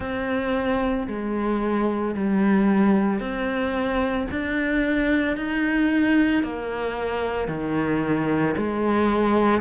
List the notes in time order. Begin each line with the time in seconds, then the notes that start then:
0.00 C4
1.07 G#3
2.14 G3
3.19 C4
4.31 D4
5.36 D#4
6.43 A#3
7.48 D#3
8.57 G#3